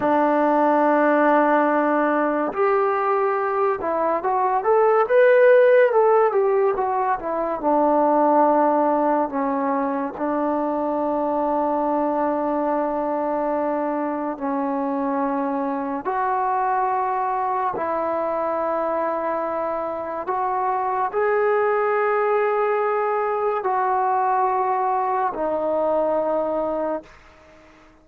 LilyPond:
\new Staff \with { instrumentName = "trombone" } { \time 4/4 \tempo 4 = 71 d'2. g'4~ | g'8 e'8 fis'8 a'8 b'4 a'8 g'8 | fis'8 e'8 d'2 cis'4 | d'1~ |
d'4 cis'2 fis'4~ | fis'4 e'2. | fis'4 gis'2. | fis'2 dis'2 | }